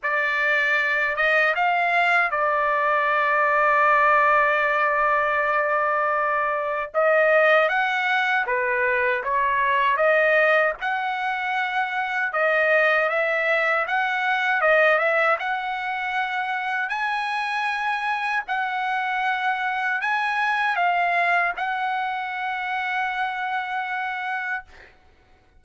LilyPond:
\new Staff \with { instrumentName = "trumpet" } { \time 4/4 \tempo 4 = 78 d''4. dis''8 f''4 d''4~ | d''1~ | d''4 dis''4 fis''4 b'4 | cis''4 dis''4 fis''2 |
dis''4 e''4 fis''4 dis''8 e''8 | fis''2 gis''2 | fis''2 gis''4 f''4 | fis''1 | }